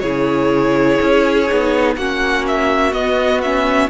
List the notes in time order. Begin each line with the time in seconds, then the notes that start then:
0.00 C#3 E4 G#4 C#5
1.01 C#4
1.48 B3 D#4
1.96 A#3 C#4 F#4 F#5
2.47 E5
2.92 B3 D#5
3.41 C#4 E5